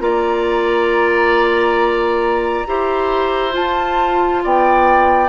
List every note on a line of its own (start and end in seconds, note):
0.00 2.65 A#3
0.00 2.65 F4
0.00 2.68 D5
0.00 3.54 A#5
2.67 3.56 E4
2.67 3.52 G4
2.67 4.44 C5
3.52 5.28 F4
3.52 4.44 A5
3.58 4.45 F4
4.44 5.29 B3
4.44 5.29 D5
4.44 5.29 G5